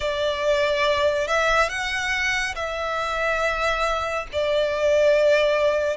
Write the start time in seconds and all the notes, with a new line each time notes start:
0.00 D5
1.27 E5
1.69 F#5
2.55 E5
4.32 D5